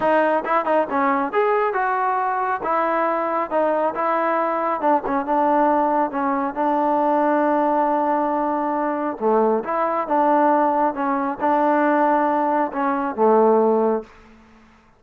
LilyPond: \new Staff \with { instrumentName = "trombone" } { \time 4/4 \tempo 4 = 137 dis'4 e'8 dis'8 cis'4 gis'4 | fis'2 e'2 | dis'4 e'2 d'8 cis'8 | d'2 cis'4 d'4~ |
d'1~ | d'4 a4 e'4 d'4~ | d'4 cis'4 d'2~ | d'4 cis'4 a2 | }